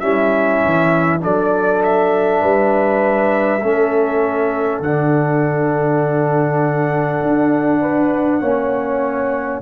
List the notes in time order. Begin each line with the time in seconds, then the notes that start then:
0.00 G3 C#4 E4 E5
0.66 E3
1.21 F#3 D4 A4 D5
1.84 E5
2.42 G3 B4
3.63 A3 C#4 A4
4.80 D3 D4 F#5
7.23 D4
7.82 B4
8.41 A#3 C#4 C#5